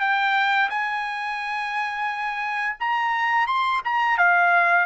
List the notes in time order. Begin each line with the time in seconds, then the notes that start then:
0.00 G5
0.70 G#5
2.79 A#5
3.47 C6
3.84 A#5
4.18 F5